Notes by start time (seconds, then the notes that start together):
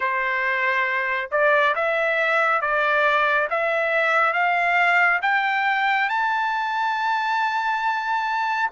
0.00 C5
1.31 D5
1.75 E5
2.61 D5
3.49 E5
4.33 F5
5.22 G5
6.09 A5